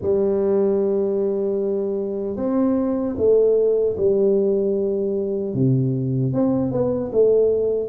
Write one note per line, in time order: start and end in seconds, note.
0.01 2.36 G3
2.36 3.15 C4
3.17 3.95 A3
3.97 5.54 G3
5.54 6.32 C3
6.32 6.71 C4
6.71 7.11 B3
7.12 7.89 A3